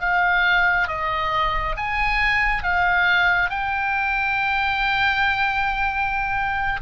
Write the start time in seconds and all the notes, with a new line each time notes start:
0.00 F5
0.87 D#5
1.76 G#5
2.63 F5
3.50 G5